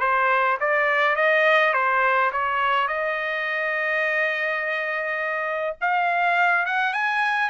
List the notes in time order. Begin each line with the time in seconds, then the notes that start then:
0.00 C5
0.60 D5
1.16 D#5
1.74 C5
2.33 C#5
2.88 D#5
5.81 F5
6.66 F#5
6.93 G#5